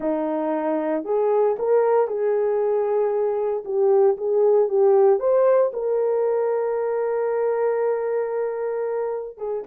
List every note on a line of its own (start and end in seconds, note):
0.00 1.04 D#4
1.04 1.56 G#4
1.58 2.07 A#4
2.07 3.64 G#4
3.64 4.16 G4
4.17 4.68 G#4
4.68 5.19 G4
5.19 5.71 C5
5.72 9.37 A#4
9.37 9.63 G#4